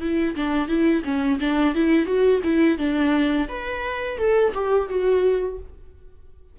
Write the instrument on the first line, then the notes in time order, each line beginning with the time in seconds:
viola
0.00 E4
0.35 D4
0.68 E4
1.04 C#4
1.40 D4
1.74 E4
2.05 F#4
2.43 E4
2.77 D4
3.48 B4
4.18 A4
4.54 G4
4.88 F#4